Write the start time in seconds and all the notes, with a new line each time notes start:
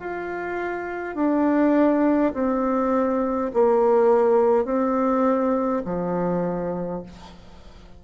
0.00 F4
1.15 D4
2.34 C4
3.53 A#3
4.65 C4
5.85 F3